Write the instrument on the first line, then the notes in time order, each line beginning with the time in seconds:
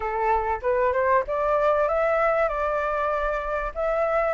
flute
0.00 A4
0.62 B4
0.93 C5
1.27 D5
1.88 E5
2.48 D5
3.74 E5